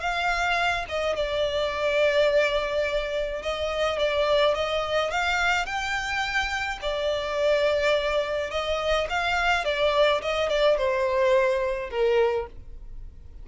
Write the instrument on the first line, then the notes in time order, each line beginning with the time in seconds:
violin
0.00 F5
0.88 D#5
1.16 D5
3.42 D#5
3.98 D5
4.54 D#5
5.10 F5
5.66 G5
6.82 D5
8.50 D#5
9.09 F5
9.64 D5
10.21 D#5
10.49 D5
10.77 C5
11.90 A#4